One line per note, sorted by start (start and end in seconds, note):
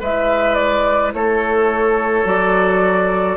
0.00 1.14 G#3
0.00 2.25 E4
0.00 1.13 B4
0.00 0.54 E5
0.54 1.11 D5
1.13 2.25 A3
1.13 3.37 A4
1.13 2.27 C#5
2.25 3.37 F#3
2.25 3.37 F#4
2.25 3.37 D5